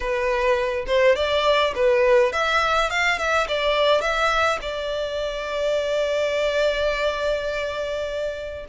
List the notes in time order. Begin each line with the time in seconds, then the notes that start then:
0.00 B4
0.87 C5
1.15 D5
1.75 B4
2.32 E5
2.90 F5
3.18 E5
3.48 D5
4.01 E5
4.61 D5